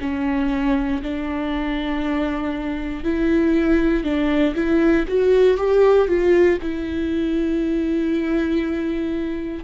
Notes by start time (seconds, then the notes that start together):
0.00 C#4
1.02 D4
3.03 E4
4.04 D4
4.55 E4
5.08 F#4
5.57 G4
6.07 F4
6.61 E4